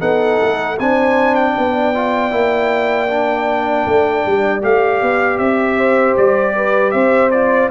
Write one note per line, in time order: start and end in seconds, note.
0.00 0.40 B3
0.00 0.77 D#4
0.00 0.77 A4
0.00 0.78 F#5
0.43 0.79 A3
0.79 1.56 C4
0.79 1.95 D4
0.79 1.55 C5
0.79 1.35 G#5
1.35 4.62 G5
1.55 2.32 B3
1.55 5.77 D5
1.95 2.31 F4
2.31 3.86 A#3
2.31 3.08 E4
3.09 4.62 D4
3.86 4.25 A3
4.26 4.64 G3
4.62 5.02 A3
4.62 7.31 G4
4.62 5.38 F5
5.02 5.39 B3
5.38 6.16 C4
5.38 6.15 E5
5.77 6.54 C5
6.17 6.94 G3
6.17 6.91 D5
6.56 6.94 B4
6.91 7.71 C4
6.91 7.71 C5
6.91 7.30 E5
7.31 7.71 F4
7.31 7.70 D5